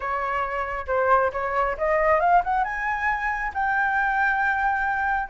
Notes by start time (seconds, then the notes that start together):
0.00 C#5
0.87 C5
1.32 C#5
1.77 D#5
2.20 F5
2.44 F#5
2.64 G#5
3.53 G5